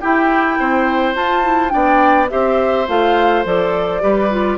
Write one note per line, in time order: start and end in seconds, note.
0.00 1.15 E4
0.00 0.59 E4
0.00 0.58 G4
0.00 1.14 G5
0.59 1.15 C4
0.59 1.72 C5
1.15 1.42 F4
1.15 1.72 F4
1.15 1.69 A5
1.42 1.69 E4
1.69 2.31 B3
1.69 2.26 D4
1.69 2.30 D5
1.69 2.26 G5
2.29 2.88 C4
2.29 2.86 G4
2.29 4.02 C5
2.29 2.87 E5
2.87 3.44 A3
2.87 3.44 F4
2.87 3.45 F5
3.44 4.02 F3
3.44 4.00 A4
3.44 4.57 D5
4.00 4.57 G3
4.00 4.29 G4
4.00 4.57 B4
4.30 4.57 F4